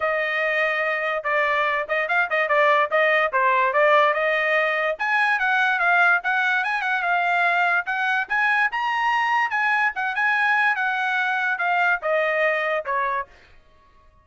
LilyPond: \new Staff \with { instrumentName = "trumpet" } { \time 4/4 \tempo 4 = 145 dis''2. d''4~ | d''8 dis''8 f''8 dis''8 d''4 dis''4 | c''4 d''4 dis''2 | gis''4 fis''4 f''4 fis''4 |
gis''8 fis''8 f''2 fis''4 | gis''4 ais''2 gis''4 | fis''8 gis''4. fis''2 | f''4 dis''2 cis''4 | }